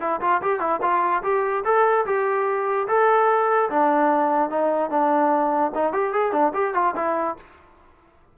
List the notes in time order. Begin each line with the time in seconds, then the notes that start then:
0.00 E4
0.21 F4
0.42 G4
0.60 E4
0.82 F4
1.23 G4
1.64 A4
2.06 G4
2.88 A4
3.70 D4
4.50 D#4
4.90 D4
5.75 D#4
5.93 G4
6.13 G#4
6.32 D4
6.54 G4
6.74 F4
6.96 E4